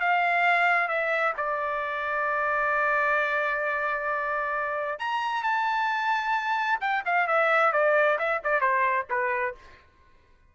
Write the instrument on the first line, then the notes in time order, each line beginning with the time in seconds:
trumpet
0.00 F5
0.88 E5
1.37 D5
4.99 A#5
5.43 A5
6.81 G5
7.05 F5
7.27 E5
7.73 D5
8.18 E5
8.44 D5
8.61 C5
9.10 B4